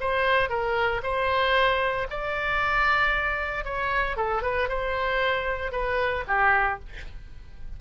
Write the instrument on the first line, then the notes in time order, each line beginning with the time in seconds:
oboe
0.00 C5
0.49 A#4
1.03 C5
2.10 D5
3.65 C#5
4.17 A4
4.42 B4
4.68 C5
5.72 B4
6.27 G4